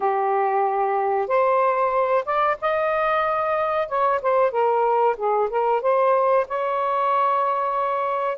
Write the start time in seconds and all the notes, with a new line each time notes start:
0.00 G4
1.27 C5
2.25 D5
2.61 D#5
3.88 C#5
4.22 C5
4.51 A#4
5.17 G#4
5.50 A#4
5.81 C5
6.48 C#5